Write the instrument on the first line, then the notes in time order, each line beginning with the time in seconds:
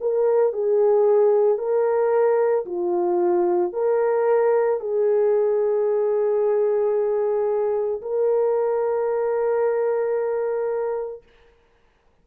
horn
0.00 A#4
0.53 G#4
1.58 A#4
2.65 F4
3.73 A#4
4.80 G#4
8.01 A#4